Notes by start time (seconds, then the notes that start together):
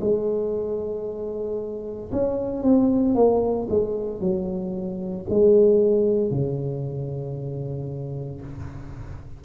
0.00 G#3
2.11 C#4
2.63 C4
3.15 A#3
3.69 G#3
4.20 F#3
5.29 G#3
6.31 C#3